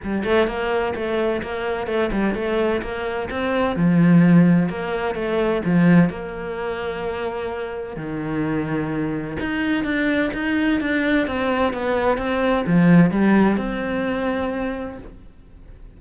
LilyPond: \new Staff \with { instrumentName = "cello" } { \time 4/4 \tempo 4 = 128 g8 a8 ais4 a4 ais4 | a8 g8 a4 ais4 c'4 | f2 ais4 a4 | f4 ais2.~ |
ais4 dis2. | dis'4 d'4 dis'4 d'4 | c'4 b4 c'4 f4 | g4 c'2. | }